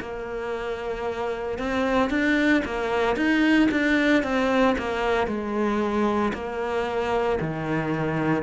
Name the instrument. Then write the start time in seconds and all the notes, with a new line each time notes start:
cello
0.00 A#3
1.58 C4
2.10 D4
2.64 A#3
3.16 D#4
3.71 D4
4.23 C4
4.78 A#3
5.27 G#3
6.33 A#3
7.40 D#3